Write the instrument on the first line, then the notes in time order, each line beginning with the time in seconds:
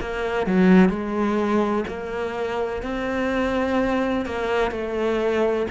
cello
0.00 A#3
0.46 F#3
0.89 G#3
1.87 A#3
2.82 C4
4.25 A#3
4.71 A3